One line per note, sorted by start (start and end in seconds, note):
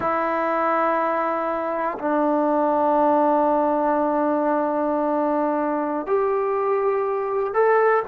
0.00 1.97 E4
1.98 6.06 D4
6.06 7.53 G4
7.53 8.03 A4